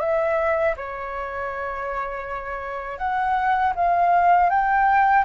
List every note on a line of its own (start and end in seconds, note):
0.00 0.75 E5
0.76 2.98 C#5
2.98 3.73 F#5
3.75 4.50 F5
4.50 5.25 G5